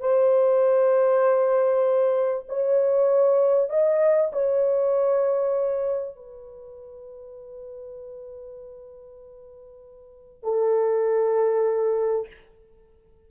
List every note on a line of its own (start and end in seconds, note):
0.00 2.45 C5
2.48 3.70 C#5
3.70 4.31 D#5
4.32 6.16 C#5
6.16 10.43 B4
10.43 12.27 A4